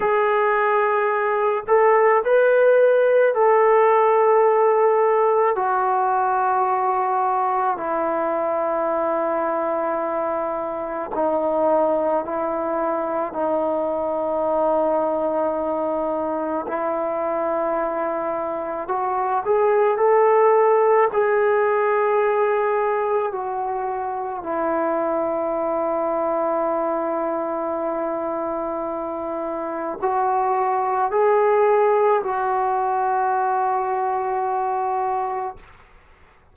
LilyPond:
\new Staff \with { instrumentName = "trombone" } { \time 4/4 \tempo 4 = 54 gis'4. a'8 b'4 a'4~ | a'4 fis'2 e'4~ | e'2 dis'4 e'4 | dis'2. e'4~ |
e'4 fis'8 gis'8 a'4 gis'4~ | gis'4 fis'4 e'2~ | e'2. fis'4 | gis'4 fis'2. | }